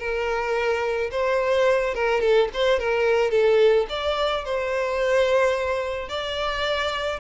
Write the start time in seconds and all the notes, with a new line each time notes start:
0.00 A#4
1.12 C5
1.95 A#4
2.21 A4
2.54 C5
2.80 A#4
3.32 A4
3.90 D5
4.45 C5
6.09 D5